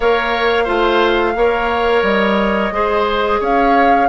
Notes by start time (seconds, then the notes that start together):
0.00 A#3 A#4 C#5 F5
0.64 A3 F4 C5
1.35 A#3 A#4 C#5
2.02 G3 D#5
2.71 G#3 G#4 C5
3.40 C#4 C#5 F5